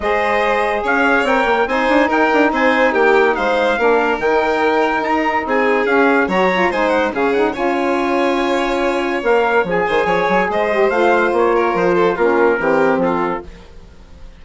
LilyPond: <<
  \new Staff \with { instrumentName = "trumpet" } { \time 4/4 \tempo 4 = 143 dis''2 f''4 g''4 | gis''4 g''4 gis''4 g''4 | f''2 g''2 | ais''4 gis''4 f''4 ais''4 |
gis''8 fis''8 f''8 fis''8 gis''2~ | gis''2 f''4 gis''4~ | gis''4 dis''4 f''4 cis''4 | c''4 ais'2 a'4 | }
  \new Staff \with { instrumentName = "violin" } { \time 4/4 c''2 cis''2 | c''4 ais'4 c''4 g'4 | c''4 ais'2.~ | ais'4 gis'2 cis''4 |
c''4 gis'4 cis''2~ | cis''2.~ cis''8 c''8 | cis''4 c''2~ c''8 ais'8~ | ais'8 a'8 f'4 g'4 f'4 | }
  \new Staff \with { instrumentName = "saxophone" } { \time 4/4 gis'2. ais'4 | dis'1~ | dis'4 d'4 dis'2~ | dis'2 cis'4 fis'8 f'8 |
dis'4 cis'8 dis'8 f'2~ | f'2 ais'4 gis'4~ | gis'4. g'8 f'2~ | f'4 cis'4 c'2 | }
  \new Staff \with { instrumentName = "bassoon" } { \time 4/4 gis2 cis'4 c'8 ais8 | c'8 d'8 dis'8 d'8 c'4 ais4 | gis4 ais4 dis2 | dis'4 c'4 cis'4 fis4 |
gis4 cis4 cis'2~ | cis'2 ais4 f8 dis8 | f8 fis8 gis4 a4 ais4 | f4 ais4 e4 f4 | }
>>